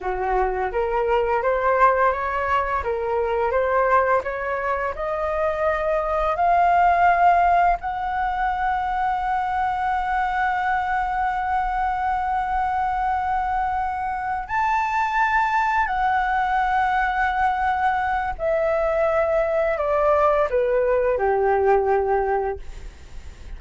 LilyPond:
\new Staff \with { instrumentName = "flute" } { \time 4/4 \tempo 4 = 85 fis'4 ais'4 c''4 cis''4 | ais'4 c''4 cis''4 dis''4~ | dis''4 f''2 fis''4~ | fis''1~ |
fis''1~ | fis''8 a''2 fis''4.~ | fis''2 e''2 | d''4 b'4 g'2 | }